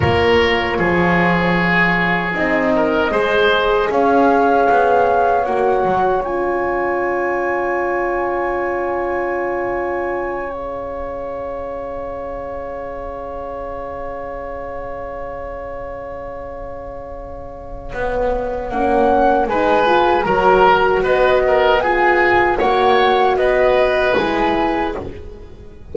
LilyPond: <<
  \new Staff \with { instrumentName = "flute" } { \time 4/4 \tempo 4 = 77 cis''2. dis''4~ | dis''4 f''2 fis''4 | gis''1~ | gis''4. f''2~ f''8~ |
f''1~ | f''1 | fis''4 gis''4 ais''4 dis''4 | gis''4 fis''4 dis''4 gis''4 | }
  \new Staff \with { instrumentName = "oboe" } { \time 4/4 ais'4 gis'2~ gis'8 ais'8 | c''4 cis''2.~ | cis''1~ | cis''1~ |
cis''1~ | cis''1~ | cis''4 b'4 ais'4 b'8 ais'8 | gis'4 cis''4 b'2 | }
  \new Staff \with { instrumentName = "horn" } { \time 4/4 f'2. dis'4 | gis'2. fis'4 | f'1~ | f'4. gis'2~ gis'8~ |
gis'1~ | gis'1 | cis'4 dis'8 f'8 fis'2 | f'4 fis'2 e'4 | }
  \new Staff \with { instrumentName = "double bass" } { \time 4/4 ais4 f2 c'4 | gis4 cis'4 b4 ais8 fis8 | cis'1~ | cis'1~ |
cis'1~ | cis'2. b4 | ais4 gis4 fis4 b4~ | b4 ais4 b4 gis4 | }
>>